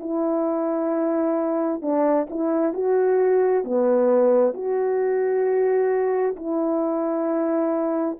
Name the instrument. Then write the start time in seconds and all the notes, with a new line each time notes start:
horn
0.00 E4
1.82 D4
2.30 E4
2.74 F#4
3.64 B3
4.54 F#4
6.36 E4